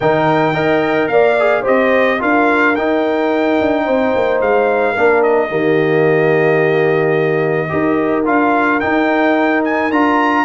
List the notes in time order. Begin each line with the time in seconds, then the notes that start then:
0.00 D#3 D#4 A#4 G5
0.53 D#4 A#4 D#5
1.08 A#3 D5 F5
1.39 G#4
1.61 G4 C5 D#5
1.68 C4
2.19 D4 F4 A#4 F5
2.75 D#4 G5
3.60 D4
3.84 C4 C5
4.15 A#3
4.41 G#3 F5
4.92 A#3 D4 A#4
5.22 D#5
5.49 D#3 A#3 G4
7.68 D#4 G4 A#4
8.25 D4 F4 F5
8.80 D#4 G5
9.64 G#5
9.90 D4 F4 A#5